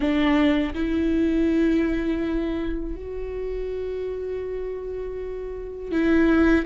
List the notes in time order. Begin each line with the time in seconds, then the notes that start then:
0.00 D4
0.74 E4
2.95 F#4
5.91 E4